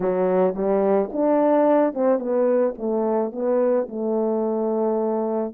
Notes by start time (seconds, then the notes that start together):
0.00 F#3
0.54 G3
1.12 D4
1.93 C4
2.19 B3
2.78 A3
3.32 B3
3.88 A3